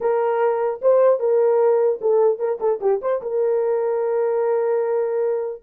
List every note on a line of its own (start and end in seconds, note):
0.01 0.81 A#4
0.81 1.19 C5
1.19 1.99 A#4
2.01 2.38 A4
2.38 2.58 A#4
2.60 2.80 A4
2.80 3.00 G4
3.01 3.21 C5
3.21 5.61 A#4